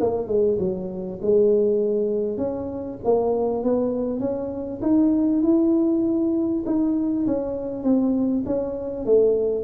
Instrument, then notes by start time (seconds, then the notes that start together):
tuba
0.00 A#3
0.27 G#3
0.59 F#3
1.21 G#3
2.37 C#4
3.04 A#3
3.63 B3
4.20 C#4
4.82 D#4
5.42 E4
6.65 D#4
7.26 C#4
7.83 C4
8.45 C#4
9.05 A3